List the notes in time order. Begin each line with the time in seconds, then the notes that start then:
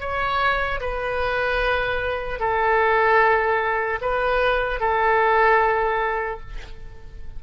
0.00 C#5
0.80 B4
2.40 A4
4.01 B4
4.80 A4